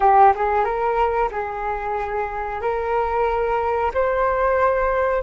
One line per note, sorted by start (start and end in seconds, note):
0.00 0.33 G4
0.35 0.64 G#4
0.64 1.29 A#4
1.31 2.61 G#4
2.61 3.91 A#4
3.94 5.22 C5